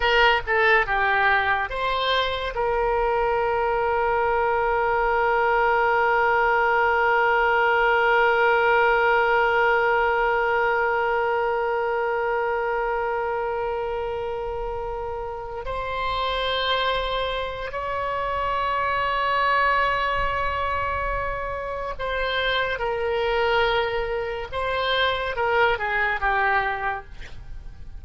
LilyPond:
\new Staff \with { instrumentName = "oboe" } { \time 4/4 \tempo 4 = 71 ais'8 a'8 g'4 c''4 ais'4~ | ais'1~ | ais'1~ | ais'1~ |
ais'2~ ais'8 c''4.~ | c''4 cis''2.~ | cis''2 c''4 ais'4~ | ais'4 c''4 ais'8 gis'8 g'4 | }